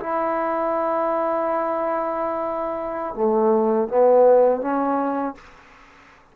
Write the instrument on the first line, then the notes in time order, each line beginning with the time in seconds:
trombone
0.00 E4
3.15 A3
3.88 B3
4.61 C#4